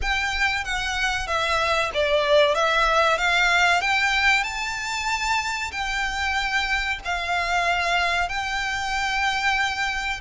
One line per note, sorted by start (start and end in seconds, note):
0.01 0.64 G5
0.64 1.27 F#5
1.27 1.91 E5
1.94 2.54 D5
2.54 3.17 E5
3.17 3.81 F5
3.81 4.43 G5
4.43 5.71 A5
5.71 6.99 G5
7.04 8.28 F5
8.28 10.20 G5